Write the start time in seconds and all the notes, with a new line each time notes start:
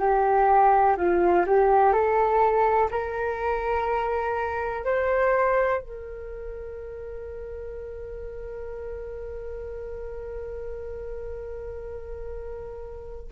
0.00 G4
0.98 F4
1.47 G4
1.94 A4
2.92 A#4
4.85 C5
5.82 A#4